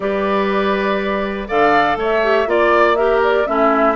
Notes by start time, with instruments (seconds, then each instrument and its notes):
0.00 bassoon G3, clarinet G4, oboe B4, flute D5
1.48 bassoon D3, clarinet A4, oboe D5, flute F5
1.96 bassoon A3, oboe C#5
2.02 flute E5
2.23 clarinet G4
2.46 bassoon A#3, clarinet F4, flute D5, oboe D5
2.95 clarinet G4, oboe A#4, flute E5
3.23 flute D5
3.46 bassoon A3, clarinet C#4, oboe E4, flute E5